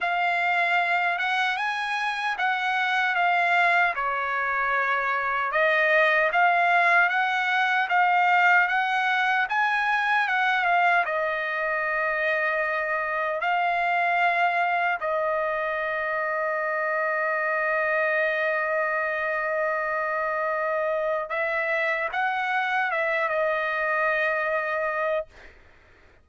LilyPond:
\new Staff \with { instrumentName = "trumpet" } { \time 4/4 \tempo 4 = 76 f''4. fis''8 gis''4 fis''4 | f''4 cis''2 dis''4 | f''4 fis''4 f''4 fis''4 | gis''4 fis''8 f''8 dis''2~ |
dis''4 f''2 dis''4~ | dis''1~ | dis''2. e''4 | fis''4 e''8 dis''2~ dis''8 | }